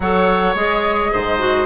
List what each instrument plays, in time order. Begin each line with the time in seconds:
0.00 bassoon F#3, clarinet A4, oboe C#5, flute F#5
0.54 bassoon G#3, clarinet G#4, flute D#5
1.12 bassoon G#2, oboe C5
1.38 clarinet F#4